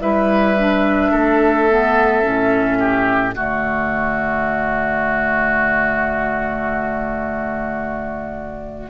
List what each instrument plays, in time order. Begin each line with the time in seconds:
0.00 bassoon G3, clarinet E4, oboe B4, flute E5
0.59 clarinet D4
1.11 bassoon A3, oboe A4
1.69 clarinet B3
2.22 bassoon A2, clarinet C#4
2.79 oboe G4
3.34 bassoon D3, clarinet A3, oboe F#4, flute D5